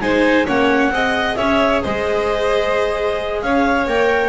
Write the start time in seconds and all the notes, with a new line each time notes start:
0.00 G#3 D#4 C5 G#5
0.46 A#3 C#4 C#5 F#5
0.89 C4 G#4 D#5
1.35 C#4 C#5 E5
1.82 G#3 C5 D#5
3.41 C#4 C#5 F5
3.86 A#3 A#4 G5